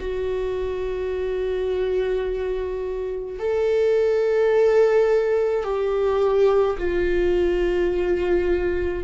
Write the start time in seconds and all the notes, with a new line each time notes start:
0.00 F#4
3.40 A4
5.64 G4
6.78 F4